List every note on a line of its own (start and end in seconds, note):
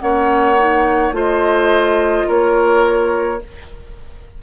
0.00 1.12 A#3
0.00 0.57 C#4
0.00 1.15 C#5
0.00 1.13 F#5
0.58 1.12 D#4
1.12 2.25 A3
1.12 3.39 F4
1.12 2.28 C5
1.12 2.29 D#5
2.28 3.42 A#3
2.28 3.41 A#4
2.28 3.42 C#5